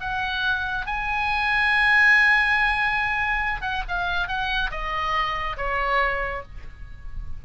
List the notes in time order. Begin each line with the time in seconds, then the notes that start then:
0.00 F#5
0.86 G#5
3.61 F#5
3.88 F5
4.27 F#5
4.71 D#5
5.57 C#5